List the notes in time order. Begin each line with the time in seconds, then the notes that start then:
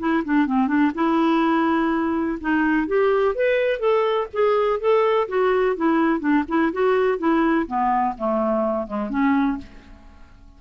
0.00 E4
0.25 D4
0.47 C4
0.68 D4
0.95 E4
2.41 D#4
2.88 G4
3.35 B4
3.80 A4
4.33 G#4
4.80 A4
5.28 F#4
5.77 E4
6.20 D4
6.49 E4
6.73 F#4
7.18 E4
7.68 B3
8.18 A3
8.87 G#3
9.10 C#4